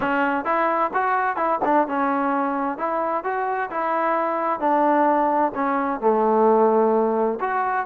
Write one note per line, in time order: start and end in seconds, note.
0.00 0.44 C#4
0.44 0.90 E4
0.93 1.36 F#4
1.36 1.59 E4
1.64 1.87 D4
1.87 2.78 C#4
2.78 3.23 E4
3.23 3.70 F#4
3.70 4.59 E4
4.59 5.52 D4
5.54 6.00 C#4
6.00 7.39 A3
7.40 7.86 F#4